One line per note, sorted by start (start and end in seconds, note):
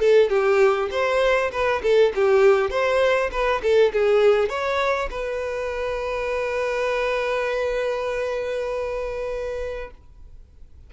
0.00 0.29 A4
0.29 0.89 G4
0.91 1.51 C5
1.52 1.82 B4
1.83 2.13 A4
2.15 2.71 G4
2.71 3.31 C5
3.32 3.62 B4
3.63 3.93 A4
3.93 4.49 G#4
4.49 5.09 C#5
5.11 9.91 B4